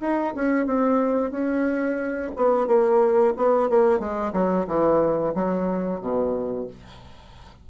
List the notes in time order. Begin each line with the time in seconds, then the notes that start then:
0.00 D#4
0.35 C#4
0.66 C4
1.31 C#4
2.36 B3
2.67 A#3
3.36 B3
3.69 A#3
3.99 G#3
4.33 F#3
4.67 E3
5.34 F#3
6.00 B2